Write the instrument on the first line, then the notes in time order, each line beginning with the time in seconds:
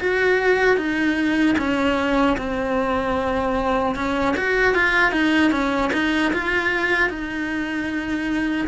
cello
0.00 F#4
0.76 D#4
1.58 C#4
2.37 C4
3.95 C#4
4.36 F#4
4.74 F4
5.11 D#4
5.51 C#4
5.93 D#4
6.33 F4
7.09 D#4